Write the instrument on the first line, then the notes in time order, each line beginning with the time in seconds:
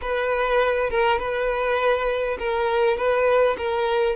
violin
0.01 B4
0.90 A#4
1.19 B4
2.38 A#4
2.97 B4
3.57 A#4